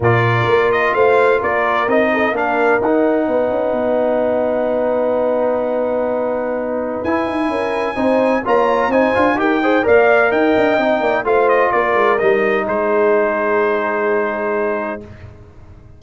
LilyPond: <<
  \new Staff \with { instrumentName = "trumpet" } { \time 4/4 \tempo 4 = 128 d''4. dis''8 f''4 d''4 | dis''4 f''4 fis''2~ | fis''1~ | fis''2. gis''4~ |
gis''2 ais''4 gis''4 | g''4 f''4 g''2 | f''8 dis''8 d''4 dis''4 c''4~ | c''1 | }
  \new Staff \with { instrumentName = "horn" } { \time 4/4 ais'2 c''4 ais'4~ | ais'8 a'8 ais'2 b'4~ | b'1~ | b'1 |
ais'4 c''4 cis''4 c''4 | ais'8 c''8 d''4 dis''4. d''8 | c''4 ais'2 gis'4~ | gis'1 | }
  \new Staff \with { instrumentName = "trombone" } { \time 4/4 f'1 | dis'4 d'4 dis'2~ | dis'1~ | dis'2. e'4~ |
e'4 dis'4 f'4 dis'8 f'8 | g'8 gis'8 ais'2 dis'4 | f'2 dis'2~ | dis'1 | }
  \new Staff \with { instrumentName = "tuba" } { \time 4/4 ais,4 ais4 a4 ais4 | c'4 ais4 dis'4 b8 cis'8 | b1~ | b2. e'8 dis'8 |
cis'4 c'4 ais4 c'8 d'8 | dis'4 ais4 dis'8 d'8 c'8 ais8 | a4 ais8 gis8 g4 gis4~ | gis1 | }
>>